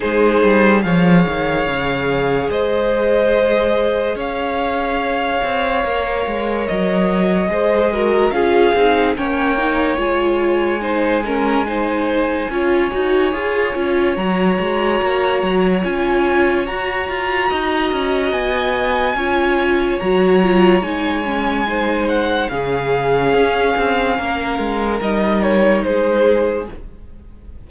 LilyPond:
<<
  \new Staff \with { instrumentName = "violin" } { \time 4/4 \tempo 4 = 72 c''4 f''2 dis''4~ | dis''4 f''2. | dis''2 f''4 g''4 | gis''1~ |
gis''4 ais''2 gis''4 | ais''2 gis''2 | ais''4 gis''4. fis''8 f''4~ | f''2 dis''8 cis''8 c''4 | }
  \new Staff \with { instrumentName = "violin" } { \time 4/4 gis'4 cis''2 c''4~ | c''4 cis''2.~ | cis''4 c''8 ais'8 gis'4 cis''4~ | cis''4 c''8 ais'8 c''4 cis''4~ |
cis''1~ | cis''4 dis''2 cis''4~ | cis''2 c''4 gis'4~ | gis'4 ais'2 gis'4 | }
  \new Staff \with { instrumentName = "viola" } { \time 4/4 dis'4 gis'2.~ | gis'2. ais'4~ | ais'4 gis'8 fis'8 f'8 dis'8 cis'8 dis'8 | f'4 dis'8 cis'8 dis'4 f'8 fis'8 |
gis'8 f'8 fis'2 f'4 | fis'2. f'4 | fis'8 f'8 dis'8 cis'8 dis'4 cis'4~ | cis'2 dis'2 | }
  \new Staff \with { instrumentName = "cello" } { \time 4/4 gis8 g8 f8 dis8 cis4 gis4~ | gis4 cis'4. c'8 ais8 gis8 | fis4 gis4 cis'8 c'8 ais4 | gis2. cis'8 dis'8 |
f'8 cis'8 fis8 gis8 ais8 fis8 cis'4 | fis'8 f'8 dis'8 cis'8 b4 cis'4 | fis4 gis2 cis4 | cis'8 c'8 ais8 gis8 g4 gis4 | }
>>